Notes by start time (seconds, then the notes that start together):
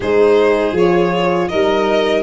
0.00 G#3 D#4 G#4 C5
0.72 F3 F4 C#5
1.48 G3 D#4 A#4 D#5